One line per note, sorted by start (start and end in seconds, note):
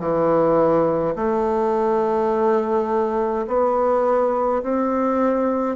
0.00 1.15 E3
1.16 3.47 A3
3.48 4.63 B3
4.63 5.76 C4